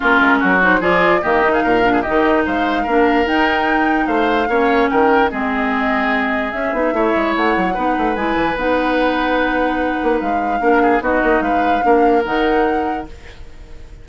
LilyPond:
<<
  \new Staff \with { instrumentName = "flute" } { \time 4/4 \tempo 4 = 147 ais'4. c''8 d''4 dis''8. f''16~ | f''4 dis''4 f''2 | g''2 f''2 | g''4 dis''2. |
e''2 fis''2 | gis''4 fis''2.~ | fis''4 f''2 dis''4 | f''2 fis''2 | }
  \new Staff \with { instrumentName = "oboe" } { \time 4/4 f'4 fis'4 gis'4 g'8. gis'16 | ais'8. gis'16 g'4 c''4 ais'4~ | ais'2 c''4 cis''4 | ais'4 gis'2.~ |
gis'4 cis''2 b'4~ | b'1~ | b'2 ais'8 gis'8 fis'4 | b'4 ais'2. | }
  \new Staff \with { instrumentName = "clarinet" } { \time 4/4 cis'4. dis'8 f'4 ais8 dis'8~ | dis'8 d'8 dis'2 d'4 | dis'2. cis'4~ | cis'4 c'2. |
cis'8 dis'8 e'2 dis'4 | e'4 dis'2.~ | dis'2 d'4 dis'4~ | dis'4 d'4 dis'2 | }
  \new Staff \with { instrumentName = "bassoon" } { \time 4/4 ais8 gis8 fis4 f4 dis4 | ais,4 dis4 gis4 ais4 | dis'2 a4 ais4 | dis4 gis2. |
cis'8 b8 a8 gis8 a8 fis8 b8 a8 | gis8 e8 b2.~ | b8 ais8 gis4 ais4 b8 ais8 | gis4 ais4 dis2 | }
>>